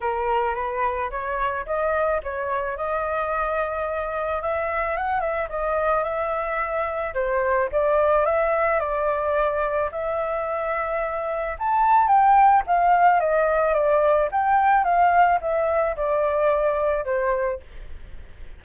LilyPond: \new Staff \with { instrumentName = "flute" } { \time 4/4 \tempo 4 = 109 ais'4 b'4 cis''4 dis''4 | cis''4 dis''2. | e''4 fis''8 e''8 dis''4 e''4~ | e''4 c''4 d''4 e''4 |
d''2 e''2~ | e''4 a''4 g''4 f''4 | dis''4 d''4 g''4 f''4 | e''4 d''2 c''4 | }